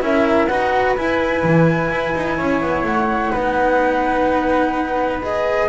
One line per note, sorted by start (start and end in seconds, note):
0.00 0.49 C#4
0.00 0.47 E4
0.00 0.49 A#4
0.00 0.46 E5
0.46 0.97 D#4
0.46 0.96 F#4
0.46 2.37 B4
0.46 0.94 F#5
0.97 3.32 E4
0.97 1.43 E4
0.97 2.85 G#5
1.43 1.90 E3
1.91 2.14 E4
2.15 2.39 D#4
2.37 2.61 C#4
2.37 3.31 C#5
2.61 2.83 B3
2.83 3.31 A3
2.83 5.21 F#5
3.31 5.69 B3
3.31 5.21 D#4
3.31 5.67 B4
5.22 5.69 G#4
5.22 5.69 D#5